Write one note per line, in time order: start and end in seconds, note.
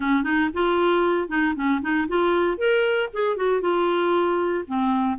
0.00 0.23 C#4
0.23 0.49 D#4
0.53 1.28 F4
1.28 1.54 D#4
1.55 1.81 C#4
1.81 2.07 D#4
2.08 2.57 F4
2.57 3.09 A#4
3.13 3.36 G#4
3.36 3.61 F#4
3.61 4.64 F4
4.67 5.18 C4